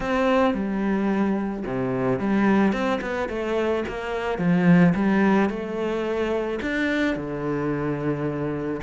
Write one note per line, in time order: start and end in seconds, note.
0.00 0.54 C4
0.54 1.64 G3
1.65 2.19 C3
2.19 2.72 G3
2.72 3.00 C4
3.01 3.29 B3
3.29 3.84 A3
3.88 4.38 A#3
4.38 4.93 F3
4.94 5.49 G3
5.49 6.59 A3
6.62 7.16 D4
7.16 8.81 D3